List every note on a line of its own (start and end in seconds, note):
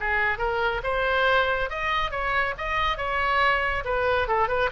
0.00 0.38 G#4
0.38 0.81 A#4
0.83 1.70 C5
1.70 2.11 D#5
2.11 2.54 C#5
2.58 2.97 D#5
2.97 3.84 C#5
3.84 4.28 B4
4.28 4.48 A4
4.48 4.70 B4